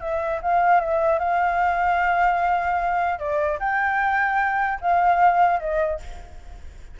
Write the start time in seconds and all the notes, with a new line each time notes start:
0.00 E5
0.42 F5
0.80 E5
1.19 F5
3.19 D5
3.59 G5
4.81 F5
5.59 D#5